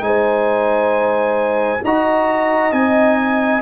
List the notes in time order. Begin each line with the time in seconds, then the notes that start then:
0.00 G#3 D#4 C5 G#5
1.83 D#4 F#4 D#5 A#5
2.72 C4 D#4 G#5